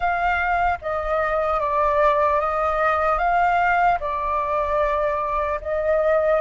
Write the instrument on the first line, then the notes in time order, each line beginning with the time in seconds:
flute
0.00 F5
0.81 D#5
1.60 D5
2.40 D#5
3.18 F5
4.00 D5
5.61 D#5